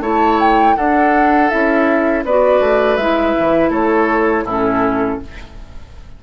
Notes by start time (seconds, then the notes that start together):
0.00 A3 E4 C#5 A5
0.40 G5
0.77 D4 A4 F#5
1.50 C#4 E4 E5
2.25 B3 F#4 B4 D5
2.60 A3
2.97 G#3 E4 E5
3.40 E3
3.70 A3 A4 C#5
4.45 A2 C#4 E4 A4